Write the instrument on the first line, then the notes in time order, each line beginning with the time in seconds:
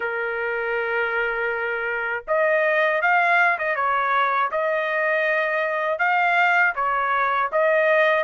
trumpet
0.00 A#4
2.27 D#5
3.01 F5
3.58 D#5
3.75 C#5
4.51 D#5
5.98 F5
6.75 C#5
7.51 D#5